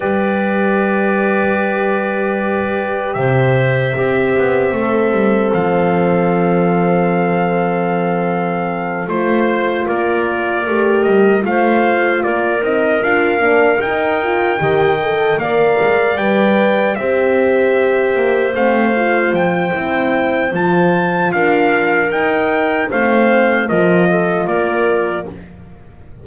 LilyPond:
<<
  \new Staff \with { instrumentName = "trumpet" } { \time 4/4 \tempo 4 = 76 d''1 | e''2. f''4~ | f''2.~ f''8 c''8~ | c''8 d''4. dis''8 f''4 d''8 |
dis''8 f''4 g''2 f''8~ | f''8 g''4 e''2 f''8~ | f''8 g''4. a''4 f''4 | g''4 f''4 dis''4 d''4 | }
  \new Staff \with { instrumentName = "clarinet" } { \time 4/4 b'1 | c''4 g'4 a'2~ | a'2.~ a'8 c''8~ | c''8 ais'2 c''4 ais'8~ |
ais'2~ ais'8 dis''4 d''8~ | d''4. c''2~ c''8~ | c''2. ais'4~ | ais'4 c''4 ais'8 a'8 ais'4 | }
  \new Staff \with { instrumentName = "horn" } { \time 4/4 g'1~ | g'4 c'2.~ | c'2.~ c'8 f'8~ | f'4. g'4 f'4. |
dis'8 f'8 d'8 dis'8 f'8 g'8 a'8 ais'8~ | ais'8 b'4 g'2 c'8 | f'4 e'4 f'2 | dis'4 c'4 f'2 | }
  \new Staff \with { instrumentName = "double bass" } { \time 4/4 g1 | c4 c'8 b8 a8 g8 f4~ | f2.~ f8 a8~ | a8 ais4 a8 g8 a4 ais8 |
c'8 d'8 ais8 dis'4 dis4 ais8 | gis8 g4 c'4. ais8 a8~ | a8 f8 c'4 f4 d'4 | dis'4 a4 f4 ais4 | }
>>